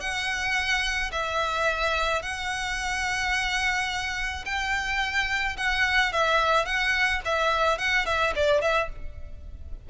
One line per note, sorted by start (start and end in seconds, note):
0.00 1.11 F#5
1.12 2.22 E5
2.22 4.45 F#5
4.45 5.56 G5
5.57 6.13 F#5
6.13 6.65 E5
6.65 7.21 F#5
7.25 7.78 E5
7.78 8.06 F#5
8.06 8.33 E5
8.36 8.61 D5
8.61 8.89 E5